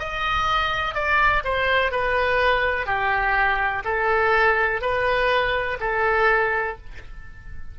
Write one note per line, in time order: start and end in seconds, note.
0.00 0.95 D#5
0.95 1.43 D5
1.45 1.92 C5
1.92 2.86 B4
2.86 3.83 G4
3.85 4.82 A4
4.82 5.78 B4
5.81 6.77 A4